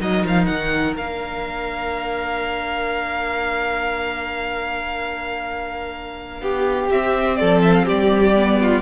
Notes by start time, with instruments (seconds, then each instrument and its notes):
0.00 cello F#3, viola D#4, violin A#4 D#5
0.23 cello F3, violin F5
0.46 cello D#3, violin F#5
0.97 cello A#3, viola D4, violin F5
6.41 cello B3, violin G4
6.91 viola C4, cello C4, violin E5
7.36 cello F3, violin A4 D5
7.62 violin E5
7.73 violin F5
7.86 cello G3, violin G4 D5
8.35 viola B3
8.61 violin F4